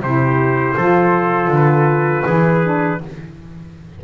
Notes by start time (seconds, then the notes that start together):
0.00 C3 E4 G4 C5
0.77 F3 F4 A4
1.48 D3
1.55 B4
2.26 E3 E4 G#4
2.64 D4